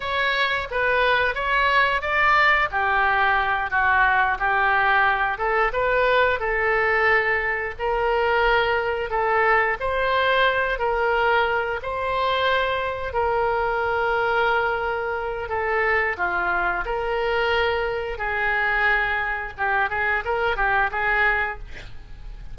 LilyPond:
\new Staff \with { instrumentName = "oboe" } { \time 4/4 \tempo 4 = 89 cis''4 b'4 cis''4 d''4 | g'4. fis'4 g'4. | a'8 b'4 a'2 ais'8~ | ais'4. a'4 c''4. |
ais'4. c''2 ais'8~ | ais'2. a'4 | f'4 ais'2 gis'4~ | gis'4 g'8 gis'8 ais'8 g'8 gis'4 | }